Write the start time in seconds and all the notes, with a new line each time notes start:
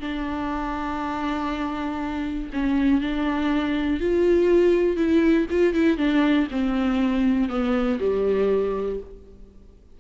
0.00 D4
2.53 C#4
3.01 D4
4.00 F4
4.97 E4
5.50 F4
5.74 E4
5.97 D4
6.51 C4
7.49 B3
8.00 G3